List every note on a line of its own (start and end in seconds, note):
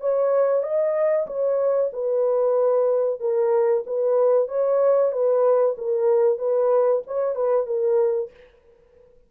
0.00 0.62 C#5
0.62 1.26 D#5
1.27 1.91 C#5
1.92 3.20 B4
3.20 3.84 A#4
3.86 4.48 B4
4.48 5.12 C#5
5.12 5.75 B4
5.77 6.38 A#4
6.38 7.02 B4
7.06 7.35 C#5
7.35 7.66 B4
7.66 8.30 A#4